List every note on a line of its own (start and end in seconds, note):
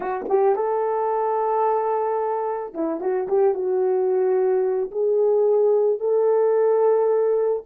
0.00 0.24 F#4
0.28 0.55 G4
0.55 2.73 A4
2.74 3.00 E4
3.00 3.27 F#4
3.28 3.54 G4
3.54 4.90 F#4
4.91 5.99 G#4
5.99 7.63 A4